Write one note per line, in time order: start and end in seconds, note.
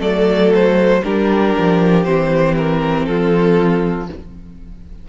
0.00 1.03 F#3
0.00 1.02 A3
0.00 1.02 A4
0.00 0.53 D5
0.55 1.04 C5
1.04 1.56 G3
1.04 2.05 D4
1.04 3.07 G4
1.04 2.04 A#4
1.58 2.06 F3
2.04 3.07 E3
2.04 4.08 C4
2.04 2.55 C5
2.57 3.06 A#4
3.06 4.09 F3
3.06 4.09 F4
3.06 4.08 A4